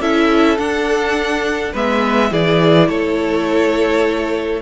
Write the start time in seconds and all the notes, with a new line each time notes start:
0.00 C#4 E4 A4 E5
0.58 D4 F#5
1.72 G#3 B3 B4 E5
2.31 E3 E4 G#4 D5
2.88 A3 A4 C#5